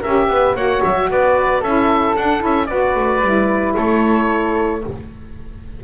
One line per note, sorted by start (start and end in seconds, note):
0.00 0.28 C#4
0.00 0.57 G4
0.00 0.27 A#4
0.00 0.56 E5
0.28 0.55 B3
0.28 0.56 B4
0.55 0.81 A#3
0.55 1.63 F#4
0.55 1.09 C#5
0.55 0.83 F#5
0.84 1.10 F#3
0.84 1.10 E5
1.10 1.63 B3
1.10 1.61 B4
1.10 1.63 D5
1.61 2.16 C#4
1.61 2.17 E4
1.61 2.67 A4
1.61 2.16 E5
2.16 2.40 D4
2.16 2.44 D4
2.16 2.42 F#5
2.40 2.70 C#4
2.40 2.66 E4
2.40 2.67 E5
2.67 2.95 B3
2.67 3.23 F#4
2.67 3.75 B4
2.67 3.73 D5
2.95 3.21 A3
3.21 3.74 G3
3.21 4.84 E4
3.76 4.84 A3
3.76 4.82 A4
3.76 4.82 C#5